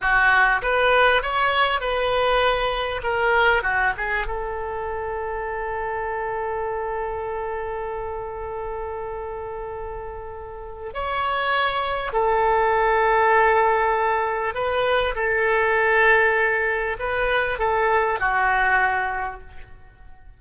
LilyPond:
\new Staff \with { instrumentName = "oboe" } { \time 4/4 \tempo 4 = 99 fis'4 b'4 cis''4 b'4~ | b'4 ais'4 fis'8 gis'8 a'4~ | a'1~ | a'1~ |
a'2 cis''2 | a'1 | b'4 a'2. | b'4 a'4 fis'2 | }